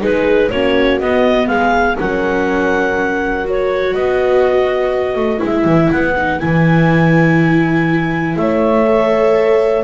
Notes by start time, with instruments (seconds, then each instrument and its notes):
0.00 double bass G#3, viola D#4, horn G#4, clarinet B4
0.50 double bass A#3, viola C#4, horn F#4, clarinet C#5
1.00 double bass B3, viola B3, clarinet D#5
1.47 double bass G#3, horn G#4, clarinet F5
1.97 double bass F#3, viola C#4, horn A#4, clarinet F#5
3.44 viola F#4, clarinet C#5
3.94 double bass B3, horn B4, clarinet D#5
5.15 double bass A3
5.38 double bass G#3, viola E4
5.45 clarinet E5
5.64 double bass E3
5.91 double bass B3, clarinet F#5
6.17 viola D#4
6.39 double bass E3, viola E4, clarinet G#5
8.36 double bass A3, horn C#5, clarinet E5
8.85 viola A4